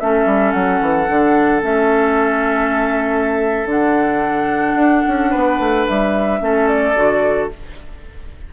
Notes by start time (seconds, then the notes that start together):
0.00 A3 C#4 A4 E5
0.26 G3
0.52 F#3 F#5
0.81 E3
1.08 D3 D4
1.62 A3 C#4 E5
3.66 D3 D4 F#5
4.75 D4
5.08 C#4
5.31 B3 B4
5.59 A3
5.87 G3 E5
6.40 A3 C#4 A4
6.68 D5
6.96 D3 F#4